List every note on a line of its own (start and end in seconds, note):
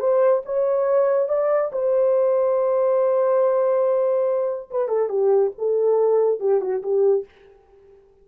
0.00 0.43 C5
0.46 1.29 C#5
1.29 1.71 D5
1.72 4.70 C5
4.71 4.88 B4
4.88 5.09 A4
5.09 5.52 G4
5.58 6.40 A4
6.40 6.61 G4
6.61 6.83 F#4
6.83 7.25 G4